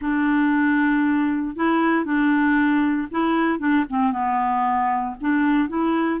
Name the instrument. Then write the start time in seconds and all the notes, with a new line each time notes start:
clarinet
0.01 D4
1.56 E4
2.04 D4
3.11 E4
3.59 D4
3.89 C4
4.11 B3
5.21 D4
5.68 E4